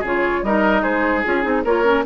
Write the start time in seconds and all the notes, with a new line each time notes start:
0.00 C#3 F4 G#4
0.06 C#5
0.42 G3 D#4 A#4 D#5
0.82 G#3 G#4 C5
1.24 C#4 F4 G#4
1.42 C4 D#4
1.64 A#3 F4 A#4 C#5
1.84 C#4